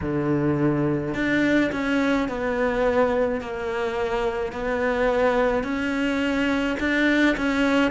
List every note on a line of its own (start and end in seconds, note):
0.01 1.14 D3
1.14 1.70 D4
1.71 2.28 C#4
2.28 3.40 B3
3.40 4.52 A#3
4.52 5.63 B3
5.63 6.76 C#4
6.79 7.36 D4
7.36 7.91 C#4